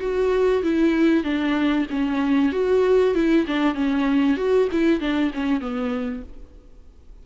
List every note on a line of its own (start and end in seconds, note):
0.00 0.62 F#4
0.62 1.23 E4
1.23 1.86 D4
1.90 2.52 C#4
2.52 3.14 F#4
3.14 3.45 E4
3.47 3.74 D4
3.74 4.36 C#4
4.36 4.68 F#4
4.71 5.00 E4
5.00 5.31 D4
5.34 5.60 C#4
5.60 6.22 B3